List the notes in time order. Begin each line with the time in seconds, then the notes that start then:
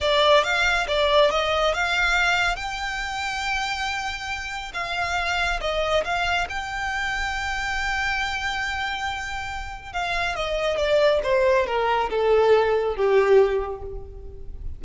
0.01 D5
0.43 F5
0.87 D5
1.31 D#5
1.74 F5
2.56 G5
4.73 F5
5.60 D#5
6.04 F5
6.49 G5
9.92 F5
10.35 D#5
10.77 D5
11.23 C5
11.66 A#4
12.10 A4
12.95 G4